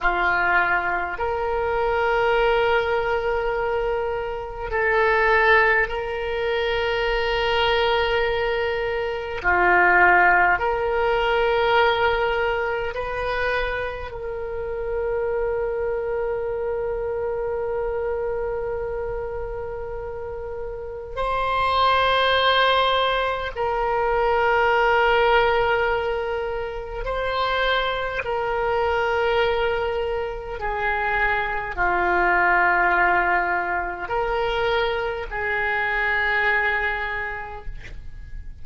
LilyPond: \new Staff \with { instrumentName = "oboe" } { \time 4/4 \tempo 4 = 51 f'4 ais'2. | a'4 ais'2. | f'4 ais'2 b'4 | ais'1~ |
ais'2 c''2 | ais'2. c''4 | ais'2 gis'4 f'4~ | f'4 ais'4 gis'2 | }